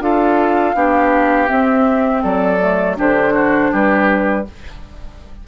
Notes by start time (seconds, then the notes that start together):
0.00 D4 F4 A4 F5
0.75 B3 D4 G4
1.48 C4 E5
2.23 F#3 A4 D5
2.60 A3
2.97 D3 D4 G4 C5
3.34 F#4
3.72 G3 G4 B4